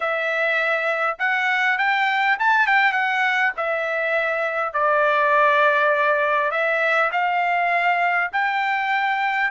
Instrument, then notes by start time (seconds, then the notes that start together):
trumpet
0.00 E5
1.19 F#5
1.78 G5
2.39 A5
2.66 G5
2.92 F#5
3.56 E5
4.73 D5
6.51 E5
7.12 F5
8.32 G5